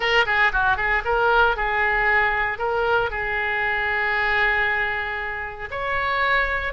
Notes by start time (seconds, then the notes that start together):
0.00 A#4
0.26 G#4
0.52 F#4
0.76 G#4
1.05 A#4
1.56 G#4
2.58 A#4
3.10 G#4
5.71 C#5